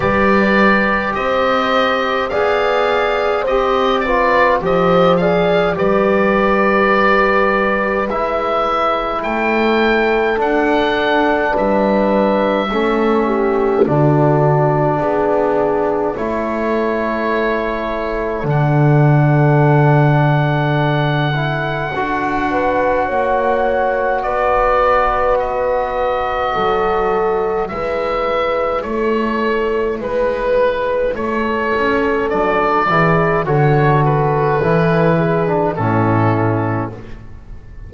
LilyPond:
<<
  \new Staff \with { instrumentName = "oboe" } { \time 4/4 \tempo 4 = 52 d''4 dis''4 f''4 dis''8 d''8 | dis''8 f''8 d''2 e''4 | g''4 fis''4 e''2 | d''2 cis''2 |
fis''1~ | fis''4 d''4 dis''2 | e''4 cis''4 b'4 cis''4 | d''4 cis''8 b'4. a'4 | }
  \new Staff \with { instrumentName = "horn" } { \time 4/4 b'4 c''4 d''4 c''8 b'8 | c''8 d''8 b'2. | a'2 b'4 a'8 g'8 | fis'4 gis'4 a'2~ |
a'2.~ a'8 b'8 | cis''4 b'2 a'4 | b'4 a'4 b'4 a'4~ | a'8 gis'8 a'4. gis'8 e'4 | }
  \new Staff \with { instrumentName = "trombone" } { \time 4/4 g'2 gis'4 g'8 f'8 | g'8 gis'8 g'2 e'4~ | e'4 d'2 cis'4 | d'2 e'2 |
d'2~ d'8 e'8 fis'4~ | fis'1 | e'1 | d'8 e'8 fis'4 e'8. d'16 cis'4 | }
  \new Staff \with { instrumentName = "double bass" } { \time 4/4 g4 c'4 b4 c'4 | f4 g2 gis4 | a4 d'4 g4 a4 | d4 b4 a2 |
d2. d'4 | ais4 b2 fis4 | gis4 a4 gis4 a8 cis'8 | fis8 e8 d4 e4 a,4 | }
>>